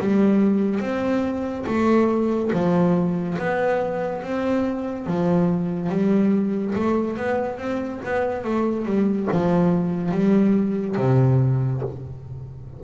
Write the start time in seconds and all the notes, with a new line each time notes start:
0.00 G3
0.80 C4
1.67 A3
2.53 F3
3.38 B3
4.23 C4
5.07 F3
5.90 G3
6.75 A3
7.17 B3
7.57 C4
8.05 B3
8.44 A3
8.85 G3
9.32 F3
10.11 G3
10.97 C3